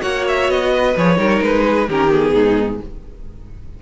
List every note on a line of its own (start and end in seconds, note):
0.00 0.48 A#3
0.00 0.93 F#4
0.00 0.71 C#5
0.00 0.25 F#5
0.28 0.50 E5
0.48 0.95 B3
0.48 0.97 D#5
0.74 1.17 B4
0.96 1.17 F3
0.96 1.16 G#4
0.96 1.43 C#5
1.16 1.41 G3
1.16 1.86 D#4
1.16 1.64 A#4
1.42 1.88 G#3
1.42 1.89 B4
1.67 1.89 G#4
1.88 2.34 D#3
1.88 2.09 C#4
1.88 2.34 G4
1.88 2.12 A#4
2.09 2.79 B3
2.09 2.82 G#4
2.34 2.80 G#2
2.34 2.80 D#4